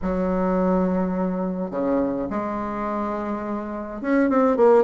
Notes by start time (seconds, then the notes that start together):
0.02 F#3
1.71 C#3
2.30 G#3
4.01 C#4
4.29 C4
4.56 A#3